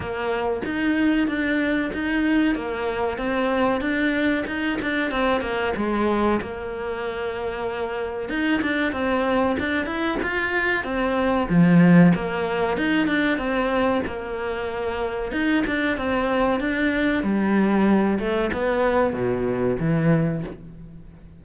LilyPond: \new Staff \with { instrumentName = "cello" } { \time 4/4 \tempo 4 = 94 ais4 dis'4 d'4 dis'4 | ais4 c'4 d'4 dis'8 d'8 | c'8 ais8 gis4 ais2~ | ais4 dis'8 d'8 c'4 d'8 e'8 |
f'4 c'4 f4 ais4 | dis'8 d'8 c'4 ais2 | dis'8 d'8 c'4 d'4 g4~ | g8 a8 b4 b,4 e4 | }